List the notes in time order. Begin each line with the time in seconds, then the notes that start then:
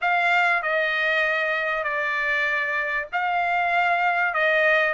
0.01 F5
0.62 D#5
1.83 D5
3.12 F5
4.34 D#5